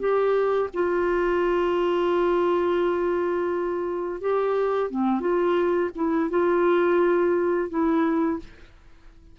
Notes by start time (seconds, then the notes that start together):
0.00 G4
0.74 F4
4.21 G4
4.91 C4
5.21 F4
5.96 E4
6.30 F4
7.70 E4